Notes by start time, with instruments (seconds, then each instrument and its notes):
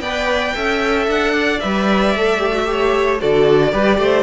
0.00 cello B3, viola B4, violin D5 G5
0.55 cello C#4, viola A4, violin E5
1.07 cello D4, violin F#5
1.33 violin D5
1.60 cello G3, viola B4, violin E5
2.16 cello A3, viola A4
2.39 viola G4
2.53 viola F#4
2.65 viola G4, violin C#5
3.21 cello D3, viola F#4, violin A4 D5
3.72 cello G3, viola G4, violin B4
3.98 cello A3, violin C5